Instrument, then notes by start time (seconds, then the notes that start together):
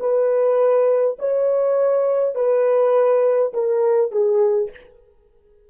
horn
0.00 B4
1.19 C#5
2.35 B4
3.54 A#4
4.12 G#4